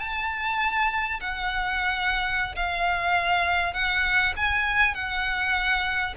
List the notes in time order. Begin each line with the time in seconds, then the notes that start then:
0.00 A5
1.21 F#5
2.56 F5
3.74 F#5
4.37 G#5
4.95 F#5